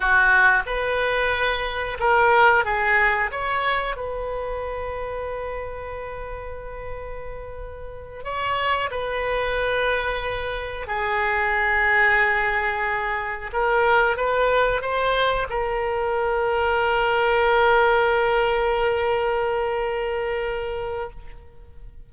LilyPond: \new Staff \with { instrumentName = "oboe" } { \time 4/4 \tempo 4 = 91 fis'4 b'2 ais'4 | gis'4 cis''4 b'2~ | b'1~ | b'8 cis''4 b'2~ b'8~ |
b'8 gis'2.~ gis'8~ | gis'8 ais'4 b'4 c''4 ais'8~ | ais'1~ | ais'1 | }